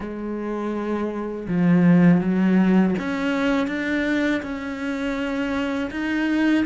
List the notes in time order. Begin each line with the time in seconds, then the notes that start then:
0.00 G#3
1.48 F3
2.21 F#3
2.98 C#4
3.67 D4
4.42 C#4
5.91 D#4